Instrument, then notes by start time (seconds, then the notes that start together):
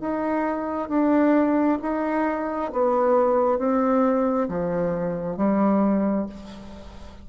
bassoon
0.00 D#4
0.88 D4
1.82 D#4
2.72 B3
3.58 C4
4.48 F3
5.36 G3